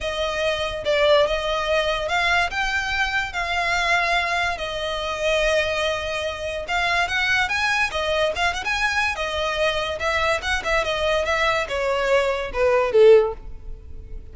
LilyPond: \new Staff \with { instrumentName = "violin" } { \time 4/4 \tempo 4 = 144 dis''2 d''4 dis''4~ | dis''4 f''4 g''2 | f''2. dis''4~ | dis''1 |
f''4 fis''4 gis''4 dis''4 | f''8 fis''16 gis''4~ gis''16 dis''2 | e''4 fis''8 e''8 dis''4 e''4 | cis''2 b'4 a'4 | }